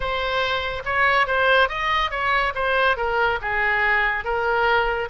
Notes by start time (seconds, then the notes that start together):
0.00 C5
0.85 C#5
1.27 C5
1.68 D#5
2.10 C#5
2.55 C5
2.96 A#4
3.41 G#4
4.24 A#4